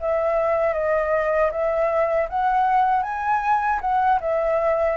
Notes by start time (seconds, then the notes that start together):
0.00 E5
0.73 D#5
1.51 E5
2.29 F#5
3.02 G#5
3.81 F#5
4.20 E5